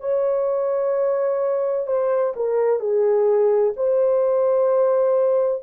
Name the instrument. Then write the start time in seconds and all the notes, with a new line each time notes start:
horn
0.00 C#5
1.87 C5
2.36 A#4
2.80 G#4
3.77 C5